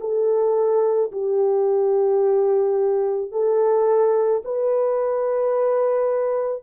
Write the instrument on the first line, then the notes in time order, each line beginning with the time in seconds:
horn
0.00 A4
1.12 G4
3.31 A4
4.44 B4